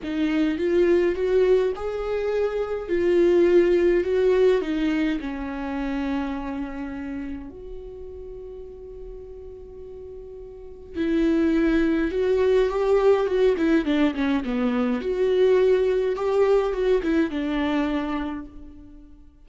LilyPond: \new Staff \with { instrumentName = "viola" } { \time 4/4 \tempo 4 = 104 dis'4 f'4 fis'4 gis'4~ | gis'4 f'2 fis'4 | dis'4 cis'2.~ | cis'4 fis'2.~ |
fis'2. e'4~ | e'4 fis'4 g'4 fis'8 e'8 | d'8 cis'8 b4 fis'2 | g'4 fis'8 e'8 d'2 | }